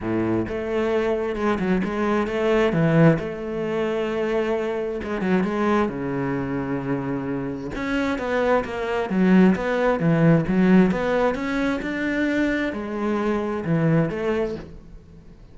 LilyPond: \new Staff \with { instrumentName = "cello" } { \time 4/4 \tempo 4 = 132 a,4 a2 gis8 fis8 | gis4 a4 e4 a4~ | a2. gis8 fis8 | gis4 cis2.~ |
cis4 cis'4 b4 ais4 | fis4 b4 e4 fis4 | b4 cis'4 d'2 | gis2 e4 a4 | }